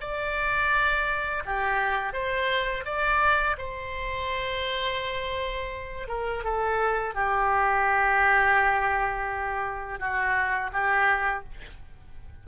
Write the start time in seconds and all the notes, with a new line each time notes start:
0.00 D5
1.45 G4
2.13 C5
2.85 D5
3.57 C5
6.08 A#4
6.44 A4
7.14 G4
9.99 F#4
10.72 G4